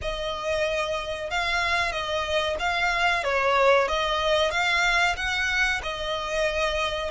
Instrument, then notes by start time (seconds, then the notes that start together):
violin
0.01 D#5
1.30 F5
1.92 D#5
2.59 F5
3.23 C#5
3.87 D#5
4.50 F5
5.16 F#5
5.82 D#5